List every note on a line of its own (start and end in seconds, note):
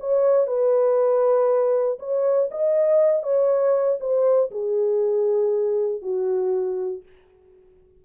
0.00 0.47 C#5
0.47 1.99 B4
1.99 2.50 C#5
2.51 3.23 D#5
3.23 3.99 C#5
4.01 4.51 C5
4.51 6.02 G#4
6.02 7.03 F#4